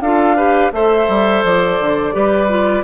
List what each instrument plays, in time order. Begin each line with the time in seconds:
0.00 bassoon D4, clarinet F4, oboe A4, flute F5
0.36 clarinet G4, oboe B4
0.72 bassoon A3, clarinet A4, oboe C5, flute E5
1.08 bassoon G3
1.44 bassoon F3, flute D5
1.80 bassoon D3
2.12 bassoon G3, clarinet G4, oboe B4
2.48 clarinet F4